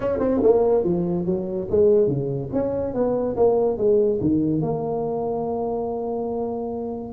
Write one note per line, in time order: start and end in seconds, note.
0.00 0.18 C#4
0.19 0.40 C4
0.43 0.84 A#3
0.84 1.25 F3
1.25 1.67 F#3
1.70 2.07 G#3
2.07 2.49 C#3
2.52 2.94 C#4
2.94 3.35 B3
3.36 3.77 A#3
3.77 4.19 G#3
4.21 4.61 D#3
4.61 7.13 A#3